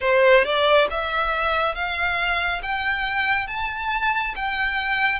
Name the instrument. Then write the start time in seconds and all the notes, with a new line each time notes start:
violin
0.00 C5
0.44 D5
0.90 E5
1.74 F5
2.62 G5
3.47 A5
4.35 G5